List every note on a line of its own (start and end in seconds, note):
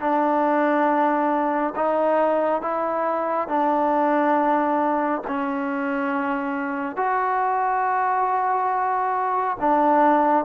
0.00 1.74 D4
1.75 2.61 D#4
2.61 3.47 E4
3.47 5.21 D4
5.28 6.96 C#4
6.96 9.57 F#4
9.60 10.44 D4